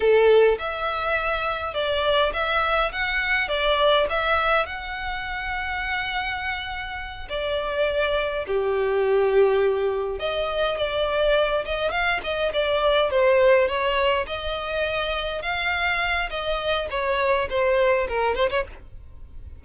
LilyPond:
\new Staff \with { instrumentName = "violin" } { \time 4/4 \tempo 4 = 103 a'4 e''2 d''4 | e''4 fis''4 d''4 e''4 | fis''1~ | fis''8 d''2 g'4.~ |
g'4. dis''4 d''4. | dis''8 f''8 dis''8 d''4 c''4 cis''8~ | cis''8 dis''2 f''4. | dis''4 cis''4 c''4 ais'8 c''16 cis''16 | }